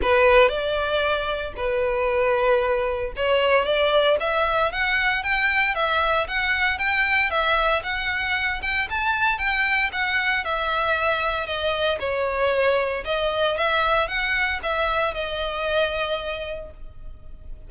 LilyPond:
\new Staff \with { instrumentName = "violin" } { \time 4/4 \tempo 4 = 115 b'4 d''2 b'4~ | b'2 cis''4 d''4 | e''4 fis''4 g''4 e''4 | fis''4 g''4 e''4 fis''4~ |
fis''8 g''8 a''4 g''4 fis''4 | e''2 dis''4 cis''4~ | cis''4 dis''4 e''4 fis''4 | e''4 dis''2. | }